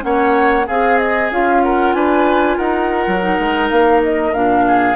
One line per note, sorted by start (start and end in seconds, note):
0.00 0.67 A#3
0.00 0.64 C#4
0.00 0.66 C#5
0.00 0.66 F#5
0.66 1.31 C4
0.66 1.62 G#4
0.66 1.31 G#4
0.66 0.98 F5
0.98 1.30 D#5
1.31 1.94 C#4
1.31 3.20 F4
1.31 1.62 F5
1.62 1.95 A#4
1.62 1.93 F#5
1.93 2.58 D4
1.93 2.57 B4
1.93 2.57 G#5
2.57 3.06 D#4
2.57 4.64 A#4
2.57 3.69 F#5
3.07 3.38 F#3
3.20 4.32 D#4
3.38 3.70 G#3
3.69 4.34 A#3
3.69 4.01 F5
4.03 4.33 D#5
4.33 4.96 A#2
4.33 4.96 D4
4.33 4.96 F5
4.67 4.96 G#4